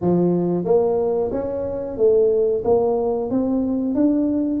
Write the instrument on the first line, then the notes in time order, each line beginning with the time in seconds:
tuba
0.01 F3
0.64 A#3
1.31 C#4
1.97 A3
2.64 A#3
3.30 C4
3.94 D4